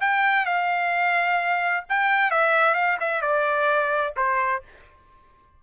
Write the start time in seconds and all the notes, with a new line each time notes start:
0.00 G5
0.45 F5
1.89 G5
2.31 E5
2.74 F5
3.00 E5
3.22 D5
4.16 C5